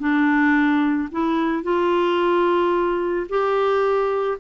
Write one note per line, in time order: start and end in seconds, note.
0.00 1.09 D4
1.12 1.64 E4
1.64 3.27 F4
3.30 4.39 G4